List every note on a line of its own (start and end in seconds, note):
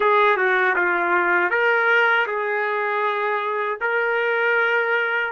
0.00 0.37 G#4
0.37 0.75 F#4
0.76 1.50 F4
1.50 2.26 A#4
2.26 3.78 G#4
3.80 5.31 A#4